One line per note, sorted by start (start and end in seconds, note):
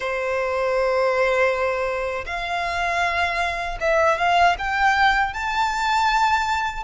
0.00 2.24 C5
2.26 3.78 F5
3.80 4.18 E5
4.18 4.56 F5
4.58 5.33 G5
5.33 6.84 A5